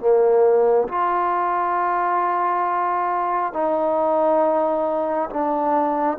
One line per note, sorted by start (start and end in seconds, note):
0.00 0.88 A#3
0.89 3.53 F4
3.53 5.30 D#4
5.30 6.18 D4